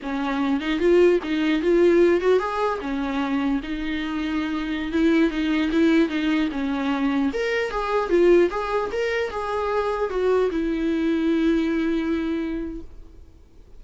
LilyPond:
\new Staff \with { instrumentName = "viola" } { \time 4/4 \tempo 4 = 150 cis'4. dis'8 f'4 dis'4 | f'4. fis'8 gis'4 cis'4~ | cis'4 dis'2.~ | dis'16 e'4 dis'4 e'4 dis'8.~ |
dis'16 cis'2 ais'4 gis'8.~ | gis'16 f'4 gis'4 ais'4 gis'8.~ | gis'4~ gis'16 fis'4 e'4.~ e'16~ | e'1 | }